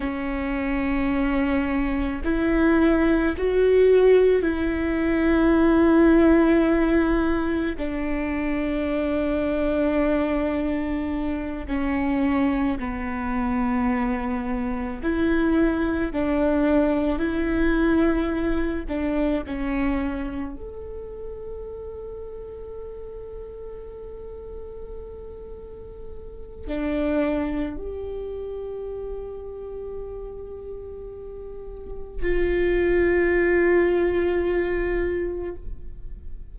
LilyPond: \new Staff \with { instrumentName = "viola" } { \time 4/4 \tempo 4 = 54 cis'2 e'4 fis'4 | e'2. d'4~ | d'2~ d'8 cis'4 b8~ | b4. e'4 d'4 e'8~ |
e'4 d'8 cis'4 a'4.~ | a'1 | d'4 g'2.~ | g'4 f'2. | }